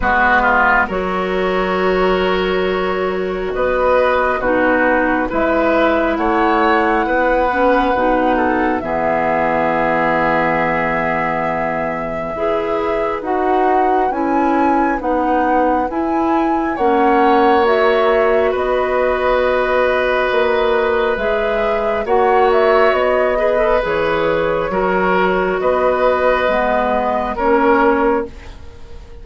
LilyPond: <<
  \new Staff \with { instrumentName = "flute" } { \time 4/4 \tempo 4 = 68 b'4 cis''2. | dis''4 b'4 e''4 fis''4~ | fis''2 e''2~ | e''2. fis''4 |
gis''4 fis''4 gis''4 fis''4 | e''4 dis''2. | e''4 fis''8 e''8 dis''4 cis''4~ | cis''4 dis''2 cis''4 | }
  \new Staff \with { instrumentName = "oboe" } { \time 4/4 fis'8 f'8 ais'2. | b'4 fis'4 b'4 cis''4 | b'4. a'8 gis'2~ | gis'2 b'2~ |
b'2. cis''4~ | cis''4 b'2.~ | b'4 cis''4. b'4. | ais'4 b'2 ais'4 | }
  \new Staff \with { instrumentName = "clarinet" } { \time 4/4 b4 fis'2.~ | fis'4 dis'4 e'2~ | e'8 cis'8 dis'4 b2~ | b2 gis'4 fis'4 |
e'4 dis'4 e'4 cis'4 | fis'1 | gis'4 fis'4. gis'16 a'16 gis'4 | fis'2 b4 cis'4 | }
  \new Staff \with { instrumentName = "bassoon" } { \time 4/4 gis4 fis2. | b4 b,4 gis4 a4 | b4 b,4 e2~ | e2 e'4 dis'4 |
cis'4 b4 e'4 ais4~ | ais4 b2 ais4 | gis4 ais4 b4 e4 | fis4 b4 gis4 ais4 | }
>>